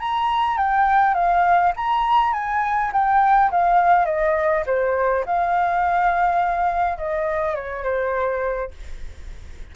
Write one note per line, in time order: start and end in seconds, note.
0.00 0.57 A#5
0.57 1.14 G5
1.14 1.73 F5
1.76 2.33 A#5
2.33 2.91 G#5
2.93 3.51 G5
3.51 4.06 F5
4.06 4.64 D#5
4.66 5.25 C5
5.26 6.98 F5
6.98 7.55 D#5
7.55 7.83 C#5
7.83 8.71 C5